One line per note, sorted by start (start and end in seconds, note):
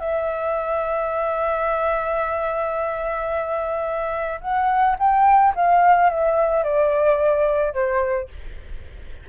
0.00 4.40 E5
4.41 4.96 F#5
4.99 5.54 G5
5.55 6.10 F5
6.10 6.64 E5
6.64 7.74 D5
7.74 8.29 C5